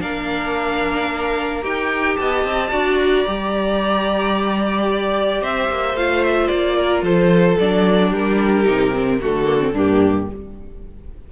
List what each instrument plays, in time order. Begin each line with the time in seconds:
0.00 cello A#3, viola D4, violin A#4 F5
1.62 cello D#4, viola G4, violin G5
2.16 cello B3, violin D#5 A5
2.44 cello C4
2.71 cello D4, viola F#4, violin D5
2.99 violin A#5
3.26 cello G3, viola G4
4.90 violin D5
5.41 cello C4, violin C5 E5
5.69 cello A#3
5.93 cello A3, viola F4, violin F5
6.24 violin E5
6.47 cello A#3, violin D5
6.77 violin A#4
7.02 cello F3, violin A4 C5
7.59 cello F#3, viola D4, violin D5
8.09 cello G3, violin G4 A#4
8.64 cello C3, viola D#4
8.94 viola C4
9.20 cello D3, viola A3, violin F#4 A4
9.45 viola A#3
9.59 viola C4
9.72 cello G2, viola A#3, violin D4 G4